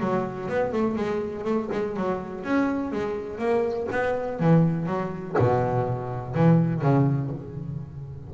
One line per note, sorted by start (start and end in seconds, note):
0.00 0.49 F#3
0.49 0.73 B3
0.73 0.96 A3
0.96 1.45 G#3
1.45 1.69 A3
1.72 1.96 G#3
1.97 2.44 F#3
2.44 2.92 C#4
2.92 3.39 G#3
3.39 3.88 A#3
3.92 4.40 B3
4.40 4.86 E3
4.86 5.35 F#3
5.38 6.35 B2
6.35 6.82 E3
6.82 7.31 C#3